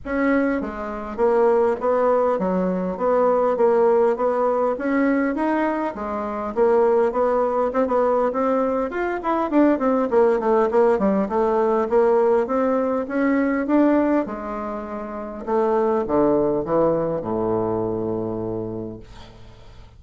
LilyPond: \new Staff \with { instrumentName = "bassoon" } { \time 4/4 \tempo 4 = 101 cis'4 gis4 ais4 b4 | fis4 b4 ais4 b4 | cis'4 dis'4 gis4 ais4 | b4 c'16 b8. c'4 f'8 e'8 |
d'8 c'8 ais8 a8 ais8 g8 a4 | ais4 c'4 cis'4 d'4 | gis2 a4 d4 | e4 a,2. | }